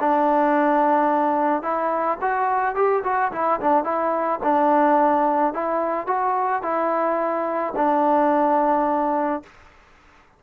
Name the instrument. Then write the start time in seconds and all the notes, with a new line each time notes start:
trombone
0.00 D4
1.63 E4
2.22 F#4
2.76 G4
3.04 F#4
3.32 E4
3.61 D4
3.84 E4
4.43 D4
5.54 E4
6.07 F#4
6.63 E4
7.76 D4